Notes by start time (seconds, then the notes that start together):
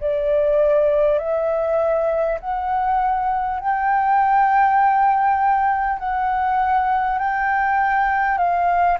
0.00 D5
1.19 E5
2.41 F#5
3.60 G5
5.99 F#5
7.19 G5
8.38 F5